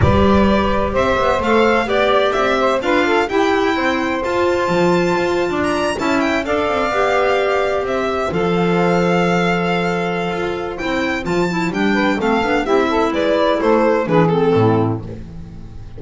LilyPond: <<
  \new Staff \with { instrumentName = "violin" } { \time 4/4 \tempo 4 = 128 d''2 e''4 f''4 | d''4 e''4 f''4 g''4~ | g''4 a''2. | ais''8. a''8 g''8 f''2~ f''16~ |
f''8. e''4 f''2~ f''16~ | f''2. g''4 | a''4 g''4 f''4 e''4 | d''4 c''4 b'8 a'4. | }
  \new Staff \with { instrumentName = "saxophone" } { \time 4/4 b'2 c''2 | d''4. c''8 b'8 a'8 g'4 | c''2.~ c''8. d''16~ | d''8. e''4 d''2~ d''16~ |
d''8. c''2.~ c''16~ | c''1~ | c''4. b'8 a'4 g'8 a'8 | b'4 a'4 gis'4 e'4 | }
  \new Staff \with { instrumentName = "clarinet" } { \time 4/4 g'2. a'4 | g'2 f'4 e'4~ | e'4 f'2.~ | f'8. e'4 a'4 g'4~ g'16~ |
g'4.~ g'16 a'2~ a'16~ | a'2. e'4 | f'8 e'8 d'4 c'8 d'8 e'4~ | e'2 d'8 c'4. | }
  \new Staff \with { instrumentName = "double bass" } { \time 4/4 g2 c'8 b8 a4 | b4 c'4 d'4 e'4 | c'4 f'4 f4 f'8. d'16~ | d'8. cis'4 d'8 c'8 b4~ b16~ |
b8. c'4 f2~ f16~ | f2 f'4 c'4 | f4 g4 a8 b8 c'4 | gis4 a4 e4 a,4 | }
>>